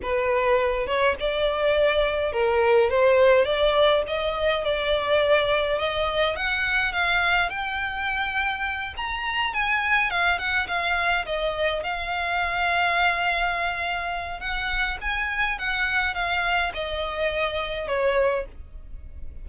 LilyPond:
\new Staff \with { instrumentName = "violin" } { \time 4/4 \tempo 4 = 104 b'4. cis''8 d''2 | ais'4 c''4 d''4 dis''4 | d''2 dis''4 fis''4 | f''4 g''2~ g''8 ais''8~ |
ais''8 gis''4 f''8 fis''8 f''4 dis''8~ | dis''8 f''2.~ f''8~ | f''4 fis''4 gis''4 fis''4 | f''4 dis''2 cis''4 | }